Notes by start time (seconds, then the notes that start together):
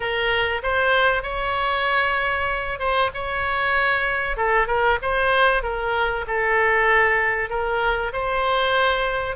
0.00 A#4
0.62 C5
1.22 C#5
2.79 C5
3.13 C#5
4.36 A4
4.67 A#4
5.02 C5
5.62 A#4
6.27 A4
7.49 A#4
8.12 C5